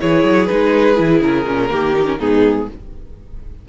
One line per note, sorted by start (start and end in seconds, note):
0.00 0.24 E3
0.00 0.49 E4
0.00 1.71 G#4
0.00 0.46 C#5
0.24 0.49 F#3
0.46 0.99 G#3
0.46 0.95 D#4
0.46 1.20 B4
0.95 1.21 E3
0.95 1.44 E4
1.21 1.45 C#3
1.21 2.20 A#4
1.46 1.70 A#2
1.46 1.70 C#4
1.70 2.20 D#3
1.70 1.94 A#3
1.70 2.19 G4
1.94 2.05 D#4
2.05 2.17 C#4
2.19 2.69 G#2
2.19 2.69 B3
2.19 2.68 D#4
2.19 2.69 G#4